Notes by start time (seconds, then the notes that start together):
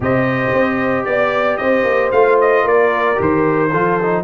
0.00 C3 G4 C5 D#5
0.53 C4
1.04 B3 D5
1.57 C4 C5 D#5
1.84 A#3
2.11 A3 F4 F5
2.41 D#5
2.64 A#3 A#4 D5
3.15 D#3 G4
3.22 C5
3.71 F3 F4 A4
4.02 D#4